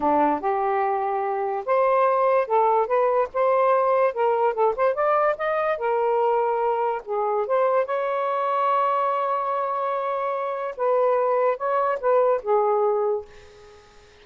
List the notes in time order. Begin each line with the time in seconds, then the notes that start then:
0.00 D4
0.40 G4
1.65 C5
2.47 A4
2.87 B4
3.33 C5
4.13 A#4
4.54 A4
4.76 C5
4.94 D5
5.38 D#5
5.77 A#4
7.05 G#4
7.46 C5
7.85 C#5
10.77 B4
11.57 C#5
12.00 B4
12.42 G#4